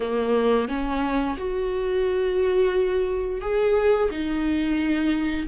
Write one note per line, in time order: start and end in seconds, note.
0.00 0.68 A#3
0.68 1.36 C#4
1.37 3.41 F#4
3.41 4.09 G#4
4.10 5.47 D#4